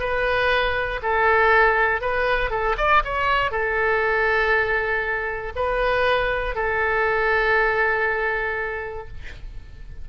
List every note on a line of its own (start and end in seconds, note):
0.00 1.01 B4
1.03 2.01 A4
2.01 2.51 B4
2.51 2.76 A4
2.78 3.03 D5
3.05 3.51 C#5
3.51 5.53 A4
5.56 6.55 B4
6.55 9.08 A4